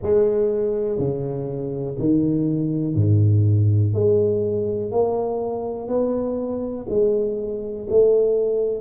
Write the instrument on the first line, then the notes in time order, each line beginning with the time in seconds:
tuba
0.02 G#3
0.98 C#3
1.99 D#3
2.95 G#2
3.93 G#3
4.91 A#3
5.87 B3
6.89 G#3
7.90 A3